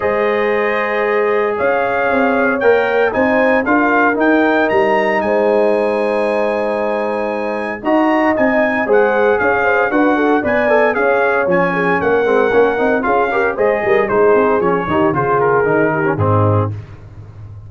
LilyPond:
<<
  \new Staff \with { instrumentName = "trumpet" } { \time 4/4 \tempo 4 = 115 dis''2. f''4~ | f''4 g''4 gis''4 f''4 | g''4 ais''4 gis''2~ | gis''2. ais''4 |
gis''4 fis''4 f''4 fis''4 | gis''4 f''4 gis''4 fis''4~ | fis''4 f''4 dis''4 c''4 | cis''4 c''8 ais'4. gis'4 | }
  \new Staff \with { instrumentName = "horn" } { \time 4/4 c''2. cis''4~ | cis''2 c''4 ais'4~ | ais'2 c''2~ | c''2. dis''4~ |
dis''4 c''4 cis''8 c''8 b'8 a'8 | d''4 cis''4. gis'8 ais'4~ | ais'4 gis'8 ais'8 c''8 ais'8 gis'4~ | gis'8 g'8 gis'4. g'8 dis'4 | }
  \new Staff \with { instrumentName = "trombone" } { \time 4/4 gis'1~ | gis'4 ais'4 dis'4 f'4 | dis'1~ | dis'2. fis'4 |
dis'4 gis'2 fis'4 | b'8 a'8 gis'4 cis'4. c'8 | cis'8 dis'8 f'8 g'8 gis'4 dis'4 | cis'8 dis'8 f'4 dis'8. cis'16 c'4 | }
  \new Staff \with { instrumentName = "tuba" } { \time 4/4 gis2. cis'4 | c'4 ais4 c'4 d'4 | dis'4 g4 gis2~ | gis2. dis'4 |
c'4 gis4 cis'4 d'4 | b4 cis'4 f4 ais8 gis8 | ais8 c'8 cis'4 gis8 g8 gis8 c'8 | f8 dis8 cis4 dis4 gis,4 | }
>>